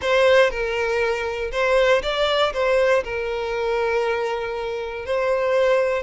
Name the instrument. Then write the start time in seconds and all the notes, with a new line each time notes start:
violin
0.01 C5
0.50 A#4
1.51 C5
2.02 D5
2.53 C5
3.04 A#4
5.05 C5